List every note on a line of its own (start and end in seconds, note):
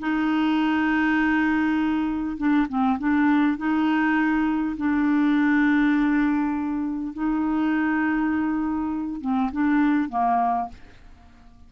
0.00 2.38 D#4
2.38 2.67 D4
2.69 2.99 C4
2.99 3.58 D4
3.58 4.77 D#4
4.77 7.14 D4
7.14 9.22 D#4
9.22 9.51 C4
9.52 10.10 D4
10.10 10.69 A#3